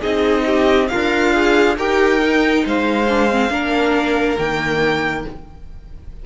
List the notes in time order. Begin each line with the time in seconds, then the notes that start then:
0.00 C4 D#4 G#4 D#5
0.46 G4
0.88 F4 A#4 F5
0.94 D4
1.34 G#4
1.77 D#4 G4 A#4 G5
2.19 D#4
2.66 G#3 C5 F5
3.09 D4
3.31 C4
3.50 A#3 D4 A#4
4.38 D#3 A#3 G5